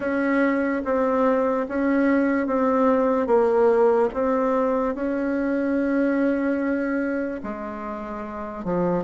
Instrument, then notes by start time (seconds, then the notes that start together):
bassoon
0.00 C#4
0.84 C4
1.68 C#4
2.47 C4
3.27 A#3
4.13 C4
4.94 C#4
7.43 G#3
8.64 F3